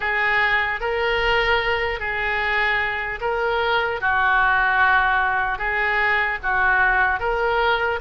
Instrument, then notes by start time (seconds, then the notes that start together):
oboe
0.00 G#4
0.80 A#4
1.99 G#4
3.20 A#4
4.00 F#4
5.58 G#4
6.43 F#4
7.19 A#4